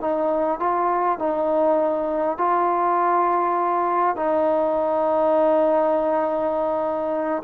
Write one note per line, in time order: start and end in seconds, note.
0.00 0.59 D#4
0.59 1.19 F4
1.19 2.37 D#4
2.38 4.16 F4
4.16 7.43 D#4